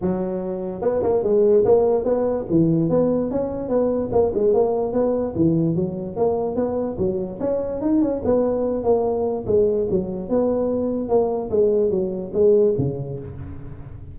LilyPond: \new Staff \with { instrumentName = "tuba" } { \time 4/4 \tempo 4 = 146 fis2 b8 ais8 gis4 | ais4 b4 e4 b4 | cis'4 b4 ais8 gis8 ais4 | b4 e4 fis4 ais4 |
b4 fis4 cis'4 dis'8 cis'8 | b4. ais4. gis4 | fis4 b2 ais4 | gis4 fis4 gis4 cis4 | }